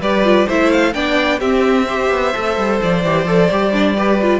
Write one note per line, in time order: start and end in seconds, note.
0.00 0.47 G3
0.00 0.24 G4
0.00 0.46 B4
0.00 0.48 D5
0.24 0.47 F4
0.46 0.94 A3
0.46 0.94 E4
0.46 0.93 C5
0.46 0.72 E5
0.72 0.93 F5
0.93 1.40 B3
0.93 1.40 D4
0.93 1.39 D5
0.93 1.40 G5
1.39 2.10 C4
1.39 1.88 C4
1.39 1.86 G4
1.39 2.80 E5
1.87 2.34 G4
1.87 3.96 C5
2.10 2.33 B3
2.34 2.57 A3
2.34 3.04 A4
2.57 2.80 G3
2.82 3.04 F3
2.82 4.40 D5
3.04 3.25 E3
3.04 3.27 G4
3.25 3.48 F3
3.25 3.50 A4
3.51 4.40 G3
3.51 3.73 G4
3.73 3.96 D4
3.96 4.20 G4
3.96 4.40 B4
4.22 4.40 F4